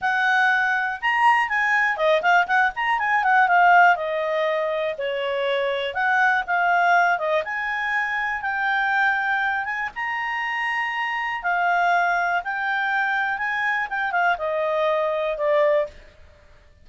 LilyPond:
\new Staff \with { instrumentName = "clarinet" } { \time 4/4 \tempo 4 = 121 fis''2 ais''4 gis''4 | dis''8 f''8 fis''8 ais''8 gis''8 fis''8 f''4 | dis''2 cis''2 | fis''4 f''4. dis''8 gis''4~ |
gis''4 g''2~ g''8 gis''8 | ais''2. f''4~ | f''4 g''2 gis''4 | g''8 f''8 dis''2 d''4 | }